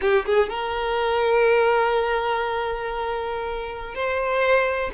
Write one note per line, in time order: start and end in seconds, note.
0.01 0.25 G4
0.25 0.49 G#4
0.49 3.94 A#4
3.94 4.90 C5